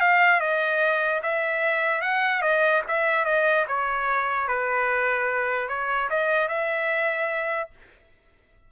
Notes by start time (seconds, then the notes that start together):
0.00 F5
0.40 D#5
1.22 E5
2.01 F#5
2.41 D#5
2.87 E5
3.25 D#5
3.67 C#5
4.48 B4
5.68 C#5
6.10 D#5
6.48 E5